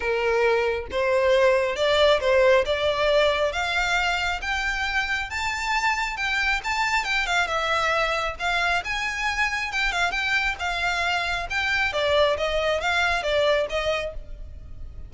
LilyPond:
\new Staff \with { instrumentName = "violin" } { \time 4/4 \tempo 4 = 136 ais'2 c''2 | d''4 c''4 d''2 | f''2 g''2 | a''2 g''4 a''4 |
g''8 f''8 e''2 f''4 | gis''2 g''8 f''8 g''4 | f''2 g''4 d''4 | dis''4 f''4 d''4 dis''4 | }